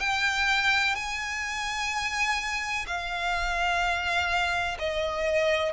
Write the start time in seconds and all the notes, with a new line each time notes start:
0.00 G5
0.95 G#5
2.87 F5
4.79 D#5